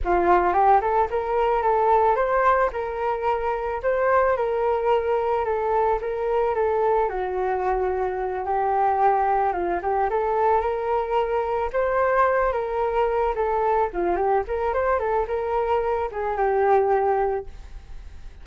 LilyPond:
\new Staff \with { instrumentName = "flute" } { \time 4/4 \tempo 4 = 110 f'4 g'8 a'8 ais'4 a'4 | c''4 ais'2 c''4 | ais'2 a'4 ais'4 | a'4 fis'2~ fis'8 g'8~ |
g'4. f'8 g'8 a'4 ais'8~ | ais'4. c''4. ais'4~ | ais'8 a'4 f'8 g'8 ais'8 c''8 a'8 | ais'4. gis'8 g'2 | }